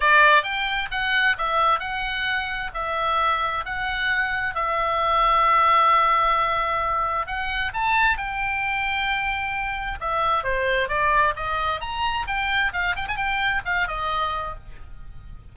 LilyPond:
\new Staff \with { instrumentName = "oboe" } { \time 4/4 \tempo 4 = 132 d''4 g''4 fis''4 e''4 | fis''2 e''2 | fis''2 e''2~ | e''1 |
fis''4 a''4 g''2~ | g''2 e''4 c''4 | d''4 dis''4 ais''4 g''4 | f''8 g''16 gis''16 g''4 f''8 dis''4. | }